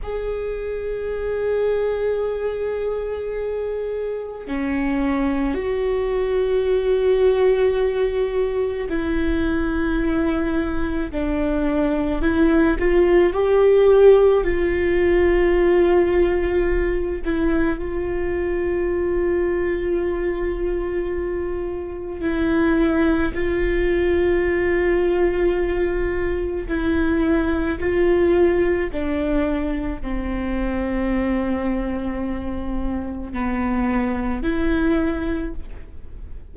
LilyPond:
\new Staff \with { instrumentName = "viola" } { \time 4/4 \tempo 4 = 54 gis'1 | cis'4 fis'2. | e'2 d'4 e'8 f'8 | g'4 f'2~ f'8 e'8 |
f'1 | e'4 f'2. | e'4 f'4 d'4 c'4~ | c'2 b4 e'4 | }